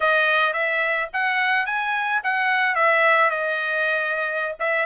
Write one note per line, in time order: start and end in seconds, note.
0.00 0.53 D#5
0.53 1.08 E5
1.13 1.66 F#5
1.66 2.21 G#5
2.23 2.75 F#5
2.75 3.30 E5
3.30 4.55 D#5
4.59 4.86 E5